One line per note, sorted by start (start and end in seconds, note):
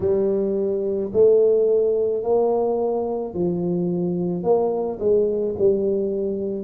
0.00 1.11 G3
1.12 2.23 A3
2.23 3.34 A#3
3.34 4.43 F3
4.43 4.98 A#3
4.99 5.55 G#3
5.58 6.64 G3